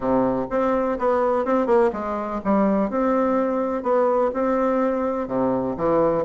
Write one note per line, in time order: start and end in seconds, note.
0.00 0.46 C3
0.50 0.98 C4
0.98 1.45 B3
1.45 1.66 C4
1.66 1.90 A#3
1.92 2.40 G#3
2.44 2.89 G3
2.89 3.83 C4
3.83 4.31 B3
4.33 5.27 C4
5.27 5.75 C3
5.76 6.24 E3